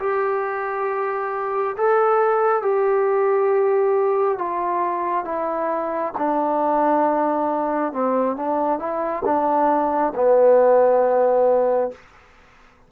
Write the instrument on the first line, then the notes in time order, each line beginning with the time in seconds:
trombone
0.00 G4
1.77 A4
2.62 G4
4.38 F4
5.25 E4
6.18 D4
7.93 C4
8.37 D4
8.79 E4
9.25 D4
10.15 B3